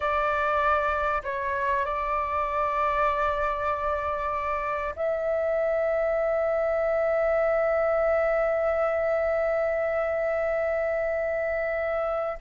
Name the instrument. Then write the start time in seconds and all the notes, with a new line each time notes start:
flute
0.00 D5
1.23 C#5
1.85 D5
4.96 E5